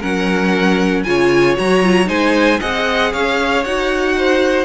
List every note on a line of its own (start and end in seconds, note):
0.00 1.05 F#3
0.00 1.05 C#4
0.00 1.03 A#4
0.00 1.03 F#5
1.03 1.56 C#3
1.03 1.56 F4
1.03 2.08 C#5
1.03 1.55 G#5
1.56 2.08 F#3
1.56 1.82 F#4
1.56 2.08 A#5
1.83 2.05 F4
2.05 2.60 G#3
2.05 2.57 D#4
2.05 2.59 C5
2.05 2.60 G#5
2.60 3.13 C4
2.60 3.64 G#4
2.60 3.11 D#5
2.60 3.13 F#5
3.12 3.65 C#4
3.12 4.15 C#5
3.12 3.64 F5
3.64 4.65 D#4
3.64 4.65 F#4
3.64 4.65 F#5
4.17 4.65 C5